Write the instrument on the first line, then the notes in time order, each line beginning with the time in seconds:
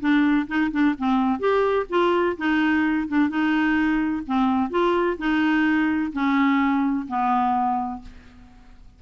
clarinet
0.00 D4
0.48 D#4
0.72 D4
0.98 C4
1.40 G4
1.90 F4
2.38 D#4
3.08 D4
3.30 D#4
4.27 C4
4.70 F4
5.19 D#4
6.13 C#4
7.08 B3